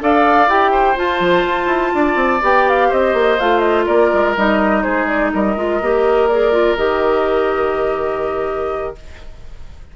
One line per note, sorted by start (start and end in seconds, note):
0.00 0.47 D4
0.00 0.48 A4
0.00 0.72 D5
0.00 0.49 F5
0.47 0.96 E4
0.47 0.96 G4
0.47 0.97 G5
0.72 1.93 C5
0.96 2.41 F4
0.96 1.20 F4
0.96 2.43 A5
1.20 1.44 F3
1.46 1.67 F4
1.67 1.91 E4
1.94 2.16 D4
1.94 2.89 D5
2.16 2.40 C4
2.42 2.91 B3
2.42 3.38 G4
2.42 2.69 G5
2.69 2.92 F5
2.89 3.14 C4
2.89 3.86 C5
2.89 3.40 D#5
3.14 3.38 A#3
3.40 3.88 A3
3.40 4.37 F4
3.40 3.59 F5
3.59 3.84 D#5
3.86 4.12 A#3
3.86 4.83 A#4
3.86 4.35 D5
4.13 4.37 G#3
4.37 4.85 G3
4.37 5.57 D#4
4.37 4.83 D#5
4.83 5.34 G#3
4.83 5.32 G#4
4.83 5.07 C5
5.07 5.32 D5
5.33 5.56 G3
5.33 8.96 A#4
5.33 6.28 D#5
5.56 5.81 G#3
5.56 5.81 F4
5.81 6.77 A#3
5.81 6.31 G4
6.28 6.52 G#4
6.28 6.77 D5
6.52 6.77 F4
6.77 8.95 D#3
6.77 8.95 G4
6.77 8.95 D#5